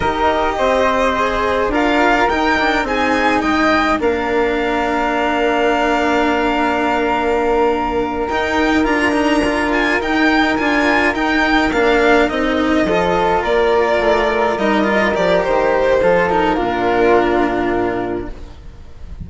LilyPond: <<
  \new Staff \with { instrumentName = "violin" } { \time 4/4 \tempo 4 = 105 dis''2. f''4 | g''4 gis''4 g''4 f''4~ | f''1~ | f''2~ f''8 g''4 ais''8~ |
ais''4 gis''8 g''4 gis''4 g''8~ | g''8 f''4 dis''2 d''8~ | d''4. dis''4 d''8 c''4~ | c''8 ais'2.~ ais'8 | }
  \new Staff \with { instrumentName = "flute" } { \time 4/4 ais'4 c''2 ais'4~ | ais'4 gis'4 dis''4 ais'4~ | ais'1~ | ais'1~ |
ais'1~ | ais'2~ ais'8 a'4 ais'8~ | ais'1 | a'4 f'2. | }
  \new Staff \with { instrumentName = "cello" } { \time 4/4 g'2 gis'4 f'4 | dis'8 d'8 dis'2 d'4~ | d'1~ | d'2~ d'8 dis'4 f'8 |
dis'8 f'4 dis'4 f'4 dis'8~ | dis'8 d'4 dis'4 f'4.~ | f'4. dis'8 f'8 g'4. | f'8 dis'8 d'2. | }
  \new Staff \with { instrumentName = "bassoon" } { \time 4/4 dis'4 c'2 d'4 | dis'4 c'4 gis4 ais4~ | ais1~ | ais2~ ais8 dis'4 d'8~ |
d'4. dis'4 d'4 dis'8~ | dis'8 ais4 c'4 f4 ais8~ | ais8 a4 g4 f8 dis4 | f4 ais,2. | }
>>